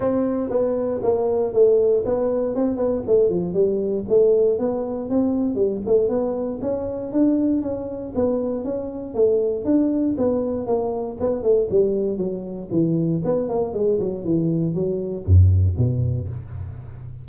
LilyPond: \new Staff \with { instrumentName = "tuba" } { \time 4/4 \tempo 4 = 118 c'4 b4 ais4 a4 | b4 c'8 b8 a8 f8 g4 | a4 b4 c'4 g8 a8 | b4 cis'4 d'4 cis'4 |
b4 cis'4 a4 d'4 | b4 ais4 b8 a8 g4 | fis4 e4 b8 ais8 gis8 fis8 | e4 fis4 fis,4 b,4 | }